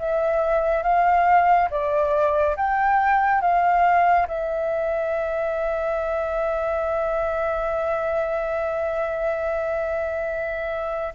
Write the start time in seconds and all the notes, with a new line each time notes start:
0.00 E5
0.83 F5
1.71 D5
2.57 G5
3.42 F5
4.28 E5